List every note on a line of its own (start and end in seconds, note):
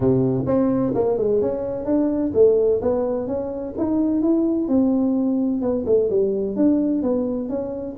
0.00 0.44 C3
0.46 0.93 C4
0.94 1.17 A#3
1.17 1.41 G#3
1.41 1.85 C#4
1.85 2.32 D4
2.34 2.81 A3
2.81 3.27 B3
3.27 3.74 C#4
3.77 4.22 D#4
4.22 4.67 E4
4.67 5.61 C4
5.61 5.85 B3
5.86 6.09 A3
6.10 6.55 G3
6.55 7.02 D4
7.02 7.49 B3
7.49 7.96 C#4